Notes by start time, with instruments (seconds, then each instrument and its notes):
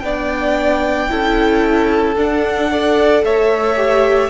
0.00 cello B3, viola D4, violin D5 G5
1.09 cello C#4, viola E4, violin A4
2.16 cello D4, viola D4, violin F#5
2.71 viola A4, violin D5
3.23 cello A3, violin C#5 E5
3.76 viola G4